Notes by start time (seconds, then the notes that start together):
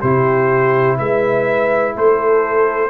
0.00 C3 E4 G4 C5
0.98 G#3 B4 E5
1.95 A3 A4 C5